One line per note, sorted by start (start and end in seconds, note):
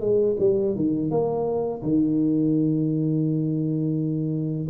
0.00 0.36 G#3
0.39 0.75 G3
0.75 1.10 D#3
1.10 1.82 A#3
1.82 4.68 D#3